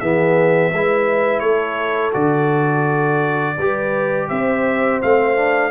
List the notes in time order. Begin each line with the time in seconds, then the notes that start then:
0.00 E3 B3 G#4 E5
0.72 G#3 E4 B4
1.39 A3 A4 C#5
2.12 D3 F#4 D5
3.57 G3 G4 B4
4.29 C4 C5 E5
5.02 A3 C4 F5
5.35 D4